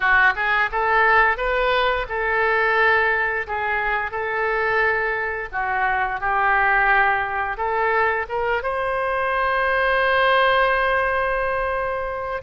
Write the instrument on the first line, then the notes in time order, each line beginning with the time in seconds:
oboe
0.00 F#4
0.35 G#4
0.71 A4
1.37 B4
2.08 A4
3.47 G#4
4.11 A4
5.52 F#4
6.20 G4
7.57 A4
8.29 A#4
8.62 C5